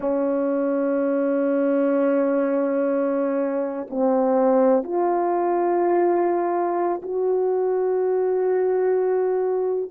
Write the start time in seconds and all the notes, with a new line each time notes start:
0.00 C#4
3.90 C4
4.83 F4
7.02 F#4